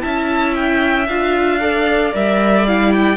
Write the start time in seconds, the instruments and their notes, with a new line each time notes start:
0.00 cello C#4, viola E4, violin E5 A5
0.55 violin G5
1.08 cello D4, viola F4, violin F5
1.60 viola A4, violin D5
2.12 cello G3, viola A#4, violin E5
2.66 viola E4, violin F5
2.92 violin G5